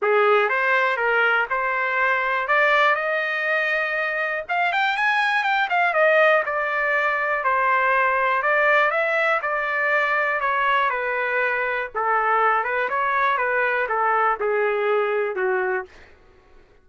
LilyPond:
\new Staff \with { instrumentName = "trumpet" } { \time 4/4 \tempo 4 = 121 gis'4 c''4 ais'4 c''4~ | c''4 d''4 dis''2~ | dis''4 f''8 g''8 gis''4 g''8 f''8 | dis''4 d''2 c''4~ |
c''4 d''4 e''4 d''4~ | d''4 cis''4 b'2 | a'4. b'8 cis''4 b'4 | a'4 gis'2 fis'4 | }